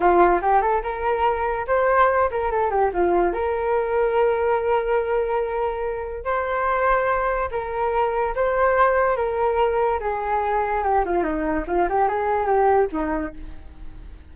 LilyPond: \new Staff \with { instrumentName = "flute" } { \time 4/4 \tempo 4 = 144 f'4 g'8 a'8 ais'2 | c''4. ais'8 a'8 g'8 f'4 | ais'1~ | ais'2. c''4~ |
c''2 ais'2 | c''2 ais'2 | gis'2 g'8 f'8 dis'4 | f'8 g'8 gis'4 g'4 dis'4 | }